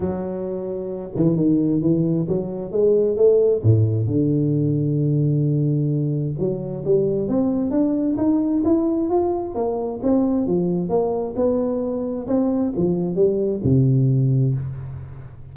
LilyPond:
\new Staff \with { instrumentName = "tuba" } { \time 4/4 \tempo 4 = 132 fis2~ fis8 e8 dis4 | e4 fis4 gis4 a4 | a,4 d2.~ | d2 fis4 g4 |
c'4 d'4 dis'4 e'4 | f'4 ais4 c'4 f4 | ais4 b2 c'4 | f4 g4 c2 | }